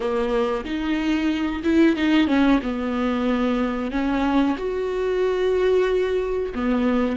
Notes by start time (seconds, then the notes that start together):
0.00 A#3
0.64 D#4
1.63 E4
1.96 D#4
2.27 C#4
2.63 B3
3.91 C#4
4.57 F#4
6.54 B3